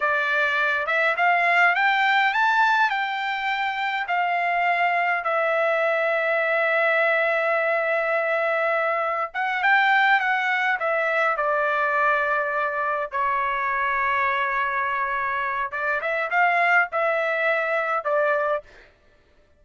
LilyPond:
\new Staff \with { instrumentName = "trumpet" } { \time 4/4 \tempo 4 = 103 d''4. e''8 f''4 g''4 | a''4 g''2 f''4~ | f''4 e''2.~ | e''1 |
fis''8 g''4 fis''4 e''4 d''8~ | d''2~ d''8 cis''4.~ | cis''2. d''8 e''8 | f''4 e''2 d''4 | }